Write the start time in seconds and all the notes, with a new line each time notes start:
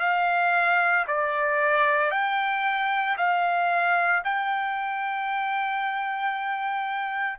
0.00 F5
1.07 D5
2.11 G5
3.17 F5
4.24 G5